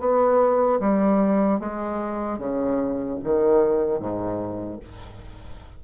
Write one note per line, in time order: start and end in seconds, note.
0.00 0.80 B3
0.80 1.60 G3
1.60 2.39 G#3
2.39 3.19 C#3
3.24 4.00 D#3
4.00 4.80 G#2